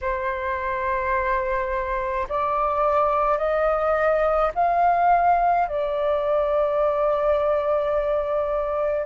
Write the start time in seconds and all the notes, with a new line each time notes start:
0.01 C5
2.28 D5
3.38 D#5
4.54 F5
5.68 D5